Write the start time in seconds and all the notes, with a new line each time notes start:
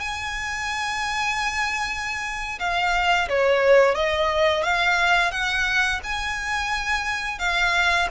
0.00 G#5
2.59 F5
3.29 C#5
3.95 D#5
4.63 F5
5.31 F#5
6.03 G#5
7.39 F5